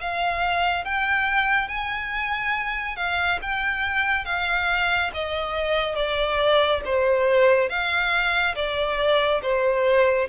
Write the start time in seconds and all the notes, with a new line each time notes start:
0.00 F5
0.85 G5
1.68 G#5
2.96 F5
3.42 G5
4.25 F5
5.14 D#5
5.95 D5
6.85 C5
7.69 F5
8.55 D5
9.42 C5